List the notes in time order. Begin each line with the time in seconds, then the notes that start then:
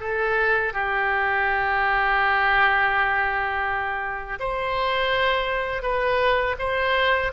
0.00 A4
0.73 G4
4.40 C5
5.82 B4
6.59 C5